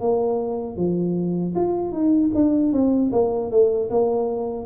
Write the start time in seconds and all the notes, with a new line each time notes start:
0.00 A#3
0.77 F3
1.55 F4
1.92 D#4
2.34 D4
2.73 C4
3.12 A#3
3.51 A3
3.90 A#3